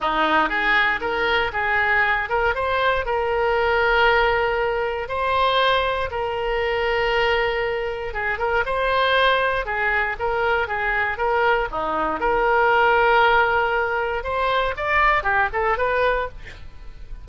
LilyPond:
\new Staff \with { instrumentName = "oboe" } { \time 4/4 \tempo 4 = 118 dis'4 gis'4 ais'4 gis'4~ | gis'8 ais'8 c''4 ais'2~ | ais'2 c''2 | ais'1 |
gis'8 ais'8 c''2 gis'4 | ais'4 gis'4 ais'4 dis'4 | ais'1 | c''4 d''4 g'8 a'8 b'4 | }